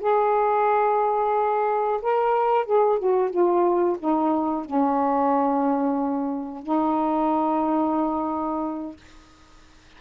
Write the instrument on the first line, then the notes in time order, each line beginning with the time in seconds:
saxophone
0.00 G#4
2.02 A#4
2.65 G#4
2.99 F#4
3.30 F4
3.98 D#4
4.65 C#4
6.63 D#4